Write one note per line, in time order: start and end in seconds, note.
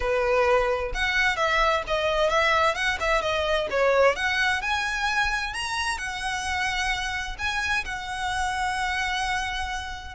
0.00 0.92 B4
0.94 1.36 F#5
1.36 1.82 E5
1.87 2.29 D#5
2.29 2.75 E5
2.75 2.98 F#5
3.00 3.21 E5
3.21 3.67 D#5
3.70 4.15 C#5
4.15 4.61 F#5
4.61 5.53 G#5
5.53 5.97 A#5
5.97 7.36 F#5
7.38 7.84 G#5
7.84 10.15 F#5